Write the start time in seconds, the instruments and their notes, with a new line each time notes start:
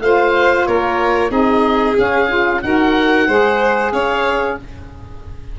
0.00 tuba A3, saxophone F4, violin C5, oboe F5
0.67 tuba A#3, violin A#4, oboe C#5
1.29 tuba C4, saxophone D#4, violin G#4, oboe D#5
1.98 tuba C#4, saxophone C#4, oboe F5
2.29 saxophone F4
2.62 tuba D#4, saxophone F#4, violin A#4, oboe F#5
3.28 tuba G#3, saxophone G#4, violin C5
3.93 tuba C#4, violin C#5, oboe F5